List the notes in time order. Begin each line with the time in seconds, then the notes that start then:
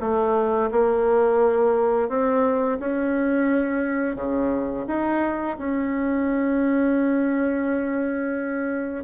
0.00 A3
0.71 A#3
2.08 C4
2.79 C#4
4.15 C#3
4.87 D#4
5.58 C#4